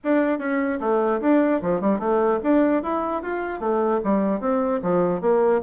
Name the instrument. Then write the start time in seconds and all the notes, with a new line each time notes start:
bassoon
0.04 D4
0.38 C#4
0.80 A3
1.20 D4
1.62 F3
1.80 G3
1.99 A3
2.43 D4
2.82 E4
3.22 F4
3.60 A3
4.04 G3
4.40 C4
4.82 F3
5.21 A#3